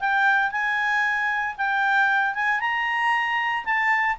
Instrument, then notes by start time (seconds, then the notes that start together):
clarinet
0.00 G5
0.51 G#5
1.58 G5
2.35 G#5
2.60 A#5
3.65 A5